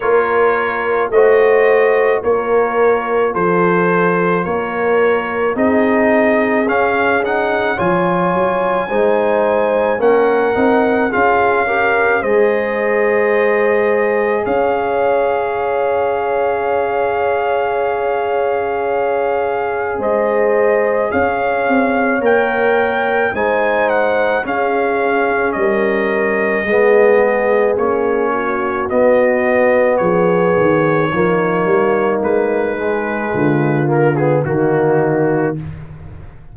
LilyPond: <<
  \new Staff \with { instrumentName = "trumpet" } { \time 4/4 \tempo 4 = 54 cis''4 dis''4 cis''4 c''4 | cis''4 dis''4 f''8 fis''8 gis''4~ | gis''4 fis''4 f''4 dis''4~ | dis''4 f''2.~ |
f''2 dis''4 f''4 | g''4 gis''8 fis''8 f''4 dis''4~ | dis''4 cis''4 dis''4 cis''4~ | cis''4 b'4. ais'16 gis'16 fis'4 | }
  \new Staff \with { instrumentName = "horn" } { \time 4/4 ais'4 c''4 ais'4 a'4 | ais'4 gis'2 cis''4 | c''4 ais'4 gis'8 ais'8 c''4~ | c''4 cis''2.~ |
cis''2 c''4 cis''4~ | cis''4 c''4 gis'4 ais'4 | gis'4. fis'4. gis'4 | dis'2 f'4 dis'4 | }
  \new Staff \with { instrumentName = "trombone" } { \time 4/4 f'4 fis'4 f'2~ | f'4 dis'4 cis'8 dis'8 f'4 | dis'4 cis'8 dis'8 f'8 g'8 gis'4~ | gis'1~ |
gis'1 | ais'4 dis'4 cis'2 | b4 cis'4 b2 | ais4. gis4 ais16 b16 ais4 | }
  \new Staff \with { instrumentName = "tuba" } { \time 4/4 ais4 a4 ais4 f4 | ais4 c'4 cis'4 f8 fis8 | gis4 ais8 c'8 cis'4 gis4~ | gis4 cis'2.~ |
cis'2 gis4 cis'8 c'8 | ais4 gis4 cis'4 g4 | gis4 ais4 b4 f8 dis8 | f8 g8 gis4 d4 dis4 | }
>>